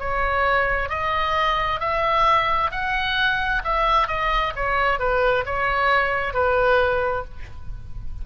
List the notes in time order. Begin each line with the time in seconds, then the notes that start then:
0.00 C#5
0.90 D#5
1.81 E5
2.72 F#5
3.64 E5
4.08 D#5
4.56 C#5
5.00 B4
5.46 C#5
6.34 B4